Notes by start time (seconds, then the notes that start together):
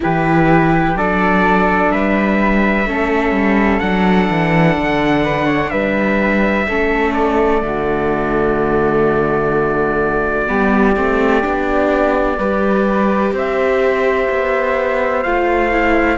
0.00 E3 E4 G4 B4
0.94 F#3 D4 A4 D5
1.91 G3 B4 E5
2.85 A3 C#4 A4
3.31 G3
3.79 F#3 D4 F#5
4.30 E3
4.77 D3
5.24 B4
5.45 C#5
5.69 G3 B4 E5
6.67 A3 C#4 A4
7.13 D5
7.61 D3 A3 F#4
10.47 G3 B3 G4
10.95 A3 C4
11.41 B3 D4
12.37 G3 G4 B4
13.32 C4 C5 E5
14.29 B3
15.22 A3 F4 F5
15.72 E4